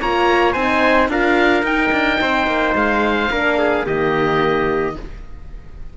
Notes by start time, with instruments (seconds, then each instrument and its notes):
0.00 cello A#3, horn F4, trumpet C#5, oboe A#5
0.53 cello C4, horn D#4, trumpet C5, oboe G#5
1.08 cello D4, horn F4, trumpet A#4, oboe F5
1.62 cello D#4, horn D#4, oboe G5
1.91 cello D4
2.21 cello C4, trumpet C5
2.47 cello A#3
2.74 cello G#3, oboe F5
3.31 cello A#3, horn D4, trumpet A#4
3.58 trumpet G#4
3.85 cello D#3, horn A#3, trumpet G4, oboe D#5